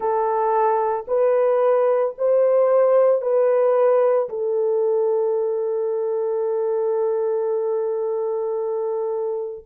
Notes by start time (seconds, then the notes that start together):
0.00 A4
1.07 B4
2.18 C5
3.21 B4
4.29 A4